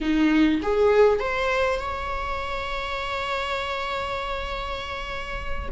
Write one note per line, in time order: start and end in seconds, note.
0.01 0.61 D#4
0.62 1.19 G#4
1.19 1.79 C5
1.79 5.69 C#5